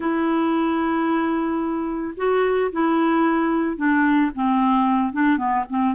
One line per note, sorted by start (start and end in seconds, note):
0.00 2.14 E4
2.16 2.71 F#4
2.72 3.77 E4
3.77 4.31 D4
4.35 5.13 C4
5.13 5.37 D4
5.37 5.64 B3
5.69 5.94 C4